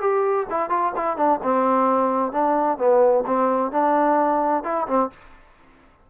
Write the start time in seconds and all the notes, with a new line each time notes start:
0.00 G4
0.50 E4
0.69 F4
0.96 E4
1.17 D4
1.42 C4
2.32 D4
2.78 B3
3.26 C4
3.71 D4
4.63 E4
4.87 C4